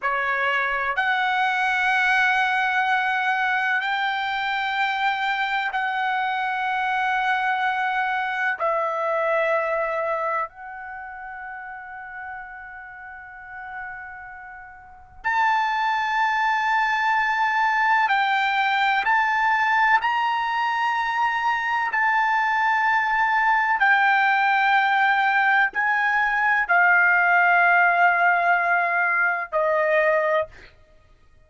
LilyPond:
\new Staff \with { instrumentName = "trumpet" } { \time 4/4 \tempo 4 = 63 cis''4 fis''2. | g''2 fis''2~ | fis''4 e''2 fis''4~ | fis''1 |
a''2. g''4 | a''4 ais''2 a''4~ | a''4 g''2 gis''4 | f''2. dis''4 | }